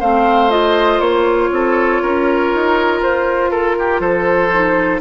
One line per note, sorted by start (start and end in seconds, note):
0.00 1.00 A3
0.00 0.50 C4
0.00 1.50 C5
0.00 0.51 F5
0.50 4.50 F4
0.50 1.00 D#5
1.00 1.50 A#3
1.00 3.00 C#5
1.51 2.01 C4
1.51 2.02 A4
2.02 2.53 C#4
2.02 3.51 A#4
2.54 3.02 D#4
3.02 4.00 F4
3.02 3.51 C5
3.51 3.76 A4
3.51 4.01 A#4
3.79 4.01 G4
4.00 5.00 F3
4.00 5.01 A4
4.00 5.01 C5
4.52 5.01 D#4